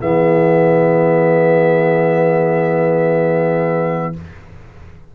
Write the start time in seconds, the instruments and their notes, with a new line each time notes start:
0.00 tuba E3, trombone B3, horn G#4, trumpet E5